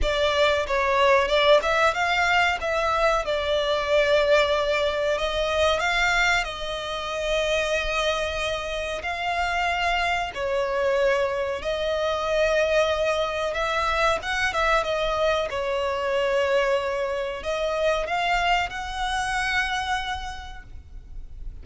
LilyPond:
\new Staff \with { instrumentName = "violin" } { \time 4/4 \tempo 4 = 93 d''4 cis''4 d''8 e''8 f''4 | e''4 d''2. | dis''4 f''4 dis''2~ | dis''2 f''2 |
cis''2 dis''2~ | dis''4 e''4 fis''8 e''8 dis''4 | cis''2. dis''4 | f''4 fis''2. | }